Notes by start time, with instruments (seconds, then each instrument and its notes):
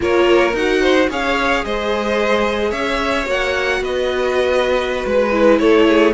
0.00 cello A#3, viola F4, violin A#4 C#5
0.53 cello D#4, viola F#4, violin F#5
0.81 violin C5
1.09 cello C#4, viola G#4, violin C#5 F5
1.65 cello G#3, violin C5 D#5
2.70 cello C#4, violin C#5 E5
3.25 cello A#3, viola F#4, violin F#5
3.81 cello B3, violin B4 D#5
5.05 cello G#3, violin B4
5.31 viola E4
5.59 cello A3, violin A4 C#5
5.87 violin G#4